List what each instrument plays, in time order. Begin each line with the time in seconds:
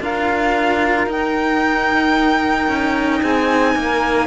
0.00 cello D4 F4, saxophone A#4, violin F5
1.07 cello D#4, violin G5
2.68 cello C#4
3.21 cello C4, saxophone G#4, violin G#5
3.75 cello A#3, saxophone A#4